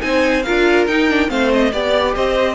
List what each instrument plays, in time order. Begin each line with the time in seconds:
0.00 cello C4, viola D#4, violin C5 G#5
0.43 cello D4, viola F4, violin A#4 F5
0.87 cello D#4, viola D#4, violin G5
1.09 viola D4
1.28 cello A3, viola C4, violin C5 F5
1.54 violin D#5
1.72 cello B3, viola G4, violin D5
2.16 cello C4, violin C5 D#5